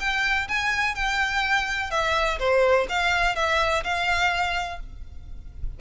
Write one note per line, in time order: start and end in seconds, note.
0.00 0.48 G5
0.48 0.95 G#5
0.95 1.91 G5
1.91 2.39 E5
2.39 2.87 C5
2.89 3.36 F5
3.36 3.84 E5
3.84 4.80 F5